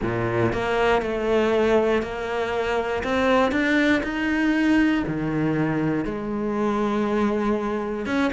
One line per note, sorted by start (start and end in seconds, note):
0.02 0.52 A#2
0.52 1.02 A#3
1.02 2.02 A3
2.02 3.03 A#3
3.03 3.51 C4
3.51 4.02 D4
4.03 5.04 D#4
5.07 6.04 D#3
6.04 8.06 G#3
8.06 8.31 C#4